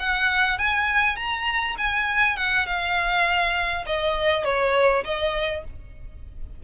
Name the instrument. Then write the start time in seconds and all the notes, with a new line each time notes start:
violin
0.00 F#5
0.59 G#5
1.17 A#5
1.78 G#5
2.37 F#5
2.67 F5
3.87 D#5
4.44 C#5
5.05 D#5